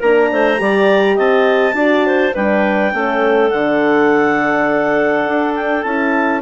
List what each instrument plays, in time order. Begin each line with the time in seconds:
0.00 bassoon A#3, horn D4, clarinet A#4 A#5
0.32 bassoon A3, clarinet C5
0.57 bassoon G3, horn G4, clarinet D5
1.16 bassoon C4, clarinet D#5 A5
1.74 bassoon D4, horn F#4, clarinet D5
2.07 clarinet C5
2.35 bassoon G3, horn D4, clarinet B4 G5
2.92 bassoon A3, horn C#4, clarinet A4
3.50 bassoon D3, horn D4, clarinet F#5
5.27 bassoon D4
5.55 clarinet G5
5.83 bassoon C#4, horn E4, clarinet A5